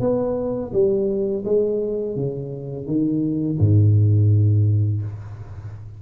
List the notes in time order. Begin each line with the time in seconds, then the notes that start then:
0.00 B3
0.73 G3
1.45 G#3
2.16 C#3
2.86 D#3
3.59 G#2